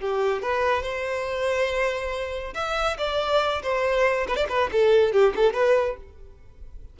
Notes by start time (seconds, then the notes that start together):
0.00 G4
0.42 B4
0.82 C5
2.54 E5
2.98 D5
3.63 C5
4.28 B4
4.36 D5
4.49 B4
4.72 A4
5.13 G4
5.36 A4
5.54 B4